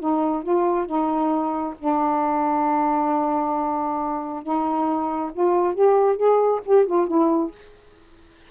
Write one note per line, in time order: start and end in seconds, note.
0.00 0.43 D#4
0.43 0.86 F4
0.86 1.75 D#4
1.79 4.43 D4
4.43 5.31 D#4
5.33 5.75 F4
5.75 6.17 G4
6.17 6.61 G#4
6.65 6.86 G4
6.86 7.07 F4
7.07 7.52 E4